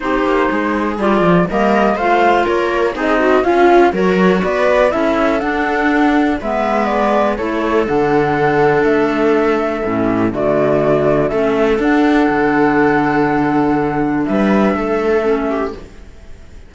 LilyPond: <<
  \new Staff \with { instrumentName = "flute" } { \time 4/4 \tempo 4 = 122 c''2 d''4 dis''4 | f''4 cis''4 dis''4 f''4 | cis''4 d''4 e''4 fis''4~ | fis''4 e''4 d''4 cis''4 |
fis''2 e''2~ | e''4 d''2 e''4 | fis''1~ | fis''4 e''2. | }
  \new Staff \with { instrumentName = "viola" } { \time 4/4 g'4 gis'2 ais'4 | c''4 ais'4 gis'8 fis'8 f'4 | ais'4 b'4 a'2~ | a'4 b'2 a'4~ |
a'1~ | a'8 g'8 fis'2 a'4~ | a'1~ | a'4 b'4 a'4. g'8 | }
  \new Staff \with { instrumentName = "clarinet" } { \time 4/4 dis'2 f'4 ais4 | f'2 dis'4 cis'4 | fis'2 e'4 d'4~ | d'4 b2 e'4 |
d'1 | cis'4 a2 cis'4 | d'1~ | d'2. cis'4 | }
  \new Staff \with { instrumentName = "cello" } { \time 4/4 c'8 ais8 gis4 g8 f8 g4 | a4 ais4 c'4 cis'4 | fis4 b4 cis'4 d'4~ | d'4 gis2 a4 |
d2 a2 | a,4 d2 a4 | d'4 d2.~ | d4 g4 a2 | }
>>